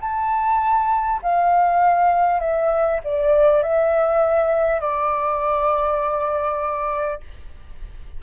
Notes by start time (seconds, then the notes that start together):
0.00 A5
1.22 F5
2.40 E5
3.03 D5
3.62 E5
4.80 D5